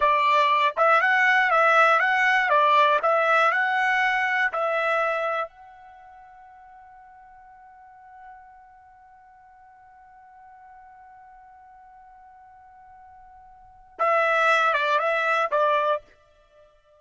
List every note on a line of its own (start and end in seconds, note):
0.00 0.75 D5
0.77 1.01 E5
1.01 1.50 F#5
1.50 1.99 E5
1.99 2.49 F#5
2.49 2.99 D5
3.02 3.51 E5
3.51 4.51 F#5
4.52 5.48 E5
5.48 13.98 F#5
13.98 14.73 E5
14.73 14.98 D5
14.98 15.48 E5
15.51 16.01 D5